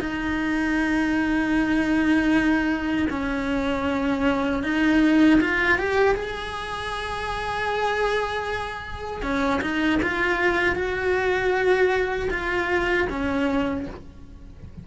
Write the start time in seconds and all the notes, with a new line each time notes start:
0.00 D#4
3.10 C#4
4.64 D#4
5.41 F4
5.79 G4
6.15 G#4
9.23 C#4
9.62 D#4
10.03 F4
10.76 F#4
12.31 F4
13.10 C#4